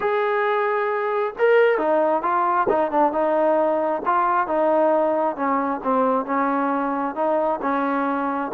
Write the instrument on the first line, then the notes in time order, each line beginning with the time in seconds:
trombone
0.00 G#4
1.38 A#4
1.78 D#4
2.22 F4
2.69 D#4
2.91 D4
3.12 D#4
4.05 F4
4.47 D#4
5.36 C#4
5.83 C4
6.25 C#4
7.15 D#4
7.61 C#4